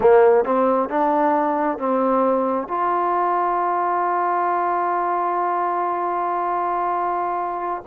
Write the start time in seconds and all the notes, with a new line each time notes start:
0.00 A#3
0.44 C4
0.89 D4
1.78 C4
2.67 F4